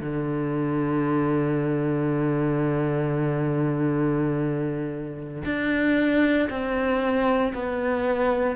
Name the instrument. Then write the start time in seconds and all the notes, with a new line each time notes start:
cello
0.00 D3
5.45 D4
6.50 C4
7.54 B3